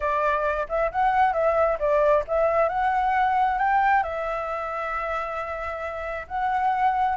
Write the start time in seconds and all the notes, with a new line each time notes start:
0.00 D5
0.68 E5
0.91 F#5
1.33 E5
1.79 D5
2.27 E5
2.69 F#5
3.58 G5
4.03 E5
6.27 F#5